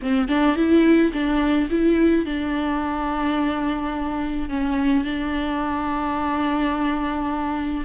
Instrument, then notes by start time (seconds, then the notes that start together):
viola
0.02 C4
0.28 D4
0.56 E4
1.12 D4
1.69 E4
2.25 D4
4.49 C#4
5.04 D4